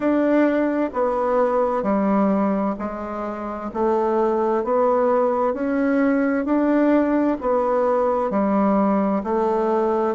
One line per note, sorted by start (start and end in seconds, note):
0.00 0.90 D4
0.93 1.83 B3
1.83 2.75 G3
2.78 3.70 G#3
3.73 4.64 A3
4.64 5.53 B3
5.53 6.44 C#4
6.44 7.37 D4
7.41 8.30 B3
8.30 9.22 G3
9.23 10.15 A3